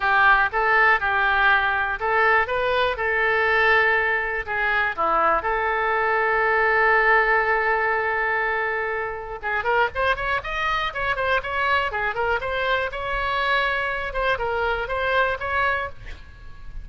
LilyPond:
\new Staff \with { instrumentName = "oboe" } { \time 4/4 \tempo 4 = 121 g'4 a'4 g'2 | a'4 b'4 a'2~ | a'4 gis'4 e'4 a'4~ | a'1~ |
a'2. gis'8 ais'8 | c''8 cis''8 dis''4 cis''8 c''8 cis''4 | gis'8 ais'8 c''4 cis''2~ | cis''8 c''8 ais'4 c''4 cis''4 | }